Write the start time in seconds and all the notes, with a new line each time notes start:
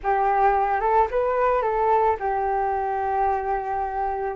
0.03 G4
0.80 A4
1.11 B4
1.62 A4
2.19 G4